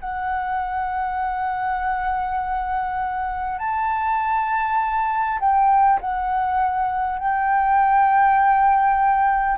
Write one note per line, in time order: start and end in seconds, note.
0.00 3.58 F#5
3.58 5.38 A5
5.39 5.99 G5
6.01 7.18 F#5
7.18 9.58 G5